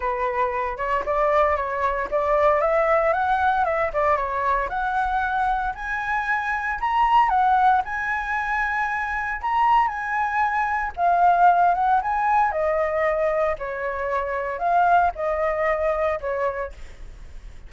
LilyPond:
\new Staff \with { instrumentName = "flute" } { \time 4/4 \tempo 4 = 115 b'4. cis''8 d''4 cis''4 | d''4 e''4 fis''4 e''8 d''8 | cis''4 fis''2 gis''4~ | gis''4 ais''4 fis''4 gis''4~ |
gis''2 ais''4 gis''4~ | gis''4 f''4. fis''8 gis''4 | dis''2 cis''2 | f''4 dis''2 cis''4 | }